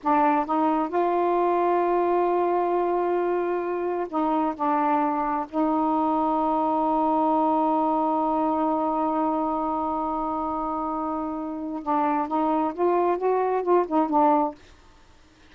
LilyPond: \new Staff \with { instrumentName = "saxophone" } { \time 4/4 \tempo 4 = 132 d'4 dis'4 f'2~ | f'1~ | f'4 dis'4 d'2 | dis'1~ |
dis'1~ | dis'1~ | dis'2 d'4 dis'4 | f'4 fis'4 f'8 dis'8 d'4 | }